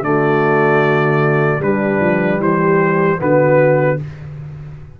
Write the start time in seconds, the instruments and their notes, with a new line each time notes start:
0.00 tuba D3, trombone A3, horn F#4, trumpet D5
1.59 tuba G3, trombone G3, horn D4, trumpet B4
2.00 tuba F3
2.38 tuba E3, horn G4, trumpet C5
3.17 tuba D3, trombone B3, horn F#4, trumpet B4